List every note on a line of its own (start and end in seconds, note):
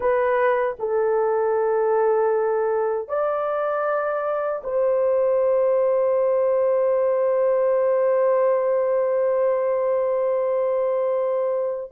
0.00 0.76 B4
0.79 3.08 A4
3.08 4.62 D5
4.63 11.91 C5